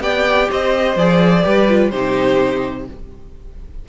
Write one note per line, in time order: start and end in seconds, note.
0.00 0.48 B3
0.00 0.96 G4
0.00 0.49 D5
0.00 0.49 G5
0.49 0.96 C4
0.49 1.44 C5
0.49 0.97 D#5
0.96 1.43 F3
0.96 1.42 G#4
0.96 1.90 D5
1.42 1.92 G3
1.42 1.66 G4
1.42 1.91 B4
1.68 1.92 F4
1.90 2.87 C3
1.90 2.88 D#4
1.90 2.87 G4
1.90 2.85 C5